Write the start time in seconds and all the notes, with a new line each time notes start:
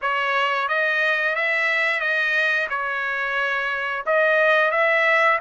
0.01 C#5
0.68 D#5
1.35 E5
2.00 D#5
2.69 C#5
4.06 D#5
4.71 E5